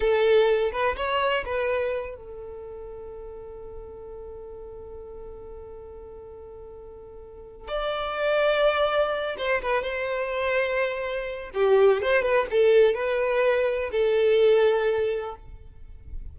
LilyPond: \new Staff \with { instrumentName = "violin" } { \time 4/4 \tempo 4 = 125 a'4. b'8 cis''4 b'4~ | b'8 a'2.~ a'8~ | a'1~ | a'1 |
d''2.~ d''8 c''8 | b'8 c''2.~ c''8 | g'4 c''8 b'8 a'4 b'4~ | b'4 a'2. | }